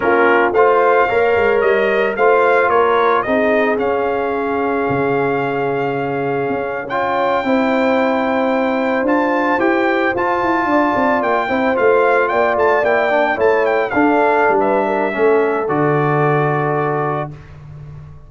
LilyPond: <<
  \new Staff \with { instrumentName = "trumpet" } { \time 4/4 \tempo 4 = 111 ais'4 f''2 dis''4 | f''4 cis''4 dis''4 f''4~ | f''1~ | f''8. g''2.~ g''16~ |
g''8. a''4 g''4 a''4~ a''16~ | a''8. g''4 f''4 g''8 a''8 g''16~ | g''8. a''8 g''8 f''4~ f''16 e''4~ | e''4 d''2. | }
  \new Staff \with { instrumentName = "horn" } { \time 4/4 f'4 c''4 cis''2 | c''4 ais'4 gis'2~ | gis'1~ | gis'8. cis''4 c''2~ c''16~ |
c''2.~ c''8. d''16~ | d''4~ d''16 c''4. d''4~ d''16~ | d''8. cis''4 a'4~ a'16 b'8 ais'8 | a'1 | }
  \new Staff \with { instrumentName = "trombone" } { \time 4/4 cis'4 f'4 ais'2 | f'2 dis'4 cis'4~ | cis'1~ | cis'8. f'4 e'2~ e'16~ |
e'8. f'4 g'4 f'4~ f'16~ | f'4~ f'16 e'8 f'2 e'16~ | e'16 d'8 e'4 d'2~ d'16 | cis'4 fis'2. | }
  \new Staff \with { instrumentName = "tuba" } { \time 4/4 ais4 a4 ais8 gis8 g4 | a4 ais4 c'4 cis'4~ | cis'4 cis2. | cis'4.~ cis'16 c'2~ c'16~ |
c'8. d'4 e'4 f'8 e'8 d'16~ | d'16 c'8 ais8 c'8 a4 ais8 a8 ais16~ | ais8. a4 d'4 g4~ g16 | a4 d2. | }
>>